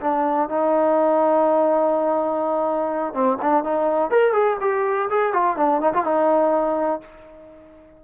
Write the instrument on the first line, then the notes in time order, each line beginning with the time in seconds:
trombone
0.00 D4
0.49 D#4
3.13 C4
3.42 D4
3.64 D#4
4.10 A#4
4.33 G#4
4.60 G4
5.09 G#4
5.32 F4
5.56 D4
5.80 D#4
5.93 F4
6.04 D#4